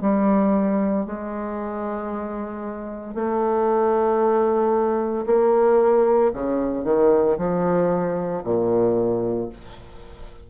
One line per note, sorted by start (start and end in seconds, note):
0.00 1.05 G3
1.05 3.14 G#3
3.14 5.25 A3
5.26 6.31 A#3
6.33 6.84 C#3
6.84 7.36 D#3
7.37 8.43 F3
8.44 9.49 A#2